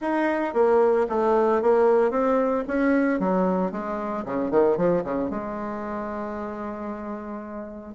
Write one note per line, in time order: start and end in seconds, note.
0.01 0.53 D#4
0.53 1.06 A#3
1.09 1.62 A3
1.62 2.10 A#3
2.10 2.64 C4
2.67 3.19 C#4
3.19 3.71 F#3
3.71 4.24 G#3
4.25 4.50 C#3
4.50 4.77 D#3
4.77 5.03 F3
5.03 5.30 C#3
5.30 7.94 G#3